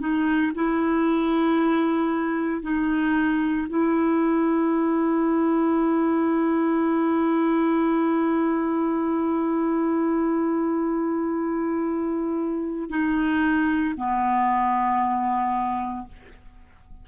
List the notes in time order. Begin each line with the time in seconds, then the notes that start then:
0.00 D#4
0.55 E4
2.62 D#4
3.69 E4
12.90 D#4
13.97 B3